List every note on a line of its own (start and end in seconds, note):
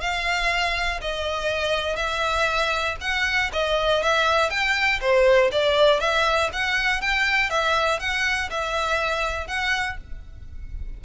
0.00 1.00 F5
1.01 1.96 D#5
1.96 2.96 E5
3.00 3.50 F#5
3.52 4.02 D#5
4.02 4.50 E5
4.50 5.00 G5
5.00 5.50 C5
5.51 6.00 D5
6.00 6.50 E5
6.52 7.01 F#5
7.01 7.50 G5
7.50 7.99 E5
7.99 8.49 F#5
8.50 9.47 E5
9.47 9.97 F#5